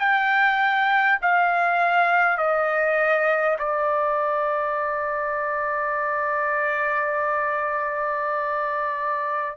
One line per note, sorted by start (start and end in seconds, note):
0.00 1.20 G5
1.22 2.38 F5
2.38 3.58 D#5
3.59 9.58 D5